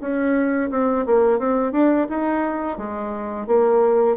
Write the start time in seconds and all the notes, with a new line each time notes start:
0.00 C#4
0.70 C4
1.06 A#3
1.39 C4
1.72 D4
2.09 D#4
2.77 G#3
3.47 A#3